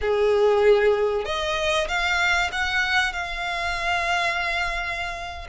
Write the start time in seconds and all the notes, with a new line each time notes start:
0.01 G#4
1.25 D#5
1.88 F5
2.51 F#5
3.12 F5